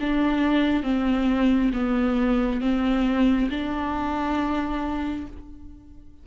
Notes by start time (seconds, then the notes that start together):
0.00 D4
0.83 C4
1.73 B3
2.61 C4
3.50 D4